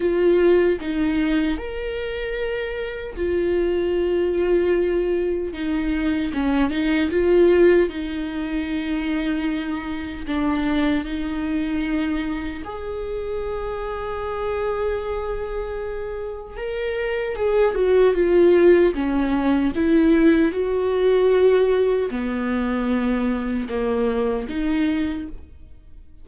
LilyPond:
\new Staff \with { instrumentName = "viola" } { \time 4/4 \tempo 4 = 76 f'4 dis'4 ais'2 | f'2. dis'4 | cis'8 dis'8 f'4 dis'2~ | dis'4 d'4 dis'2 |
gis'1~ | gis'4 ais'4 gis'8 fis'8 f'4 | cis'4 e'4 fis'2 | b2 ais4 dis'4 | }